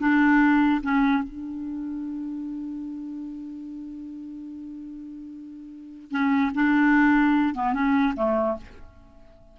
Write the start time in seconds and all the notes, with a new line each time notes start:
0.00 D4
0.83 C#4
1.24 D4
6.11 C#4
6.55 D4
7.55 B3
7.74 C#4
8.16 A3